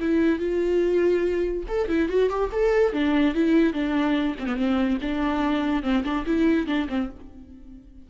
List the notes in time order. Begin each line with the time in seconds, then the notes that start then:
0.00 E4
0.39 F4
1.68 A4
1.88 E4
2.09 F#4
2.30 G4
2.52 A4
2.93 D4
3.34 E4
3.73 D4
4.39 C4
4.46 B3
4.56 C4
5.01 D4
5.83 C4
6.04 D4
6.26 E4
6.67 D4
6.89 C4